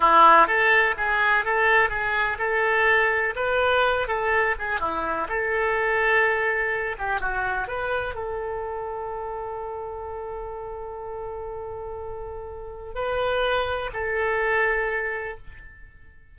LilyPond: \new Staff \with { instrumentName = "oboe" } { \time 4/4 \tempo 4 = 125 e'4 a'4 gis'4 a'4 | gis'4 a'2 b'4~ | b'8 a'4 gis'8 e'4 a'4~ | a'2~ a'8 g'8 fis'4 |
b'4 a'2.~ | a'1~ | a'2. b'4~ | b'4 a'2. | }